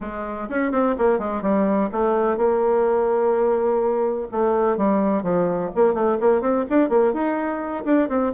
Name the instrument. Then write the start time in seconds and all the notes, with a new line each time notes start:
bassoon
0.00 G#3
0.49 C#4
0.71 C4
0.98 A#3
1.18 G#3
1.42 G3
1.92 A3
2.37 A#3
4.31 A3
4.77 G3
5.22 F3
5.75 A#3
5.94 A3
6.20 A#3
6.41 C4
6.69 D4
6.89 A#3
7.13 D#4
7.84 D4
8.08 C4